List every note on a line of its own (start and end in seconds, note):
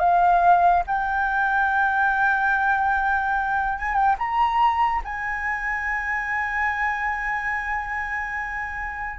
0.00 0.83 F5
0.87 3.79 G5
3.79 3.95 G#5
3.95 4.16 G5
4.19 5.02 A#5
5.05 9.19 G#5